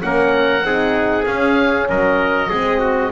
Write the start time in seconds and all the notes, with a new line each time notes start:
0.00 A#3 C#4 A#4 F#5
0.62 C4 D#4 G#4
1.26 C#4 F5
1.89 F#3 A#4 D#5
2.49 G#3 C4 G#4
2.79 F#4